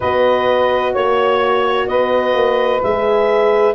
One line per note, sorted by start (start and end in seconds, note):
0.00 0.95 B3
0.00 2.82 F#4
0.00 0.92 B4
0.00 0.94 D#5
0.92 1.88 A#3
0.92 1.86 C#5
0.92 1.87 C#5
1.87 2.34 B3
1.87 3.74 B4
1.87 2.81 D#5
2.34 2.81 A#3
2.82 3.74 G#3
2.82 3.74 G#4
2.82 3.74 E5